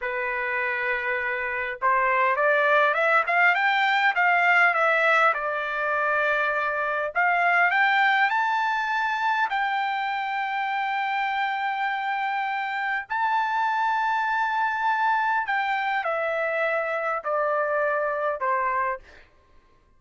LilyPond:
\new Staff \with { instrumentName = "trumpet" } { \time 4/4 \tempo 4 = 101 b'2. c''4 | d''4 e''8 f''8 g''4 f''4 | e''4 d''2. | f''4 g''4 a''2 |
g''1~ | g''2 a''2~ | a''2 g''4 e''4~ | e''4 d''2 c''4 | }